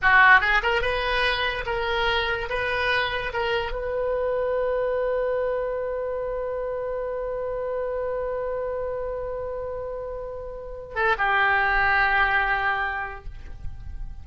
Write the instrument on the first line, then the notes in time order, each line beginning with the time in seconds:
oboe
0.02 F#4
0.40 G#4
0.63 A#4
0.81 B4
1.66 A#4
2.49 B4
3.33 A#4
3.72 B4
10.95 A4
11.17 G4